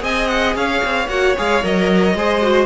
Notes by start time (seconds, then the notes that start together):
0.00 C4 G#4 D#5 G#5
0.28 F#5
0.56 C#4 C#5 F5
0.85 C4
1.08 A#3 F#4 F#5
1.38 G#3 G#4 F5
1.63 F#3 A#4 D#5
2.15 G#3 G#4 C5
2.42 F#4